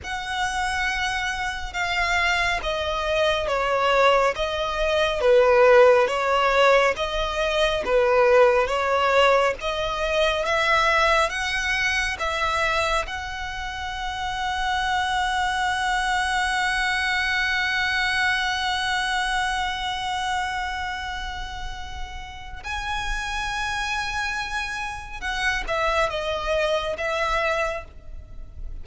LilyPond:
\new Staff \with { instrumentName = "violin" } { \time 4/4 \tempo 4 = 69 fis''2 f''4 dis''4 | cis''4 dis''4 b'4 cis''4 | dis''4 b'4 cis''4 dis''4 | e''4 fis''4 e''4 fis''4~ |
fis''1~ | fis''1~ | fis''2 gis''2~ | gis''4 fis''8 e''8 dis''4 e''4 | }